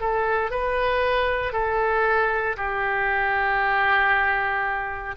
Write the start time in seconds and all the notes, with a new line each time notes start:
0.00 A4
0.51 B4
1.53 A4
2.57 G4